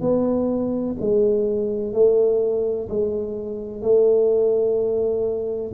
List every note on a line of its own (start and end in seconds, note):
0.00 0.95 B3
1.00 1.93 G#3
1.93 2.88 A3
2.89 3.81 G#3
3.81 5.72 A3